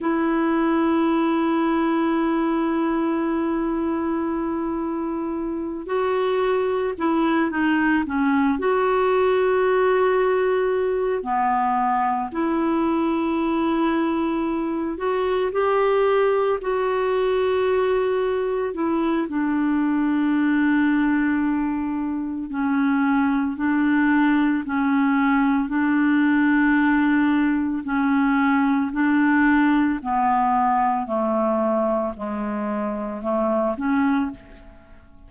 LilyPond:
\new Staff \with { instrumentName = "clarinet" } { \time 4/4 \tempo 4 = 56 e'1~ | e'4. fis'4 e'8 dis'8 cis'8 | fis'2~ fis'8 b4 e'8~ | e'2 fis'8 g'4 fis'8~ |
fis'4. e'8 d'2~ | d'4 cis'4 d'4 cis'4 | d'2 cis'4 d'4 | b4 a4 gis4 a8 cis'8 | }